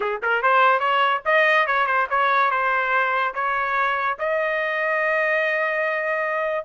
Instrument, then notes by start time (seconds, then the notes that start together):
trumpet
0.00 G#4
0.22 A#4
0.42 C5
0.79 C#5
1.25 D#5
1.67 C#5
1.86 C5
2.10 C#5
2.50 C5
3.34 C#5
4.18 D#5